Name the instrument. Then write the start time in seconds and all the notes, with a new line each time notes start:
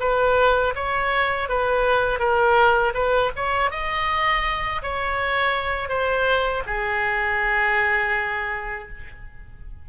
oboe
0.00 B4
0.75 C#5
1.49 B4
2.19 A#4
2.94 B4
3.36 C#5
3.71 D#5
4.82 C#5
5.89 C5
6.66 G#4